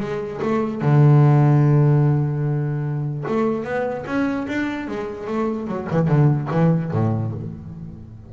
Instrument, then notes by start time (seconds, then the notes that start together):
double bass
0.00 G#3
0.42 A3
0.81 D3
3.28 A3
3.64 B3
4.07 C#4
4.48 D4
4.88 G#3
5.27 A3
5.68 F#3
5.91 E3
6.08 D3
6.51 E3
6.92 A2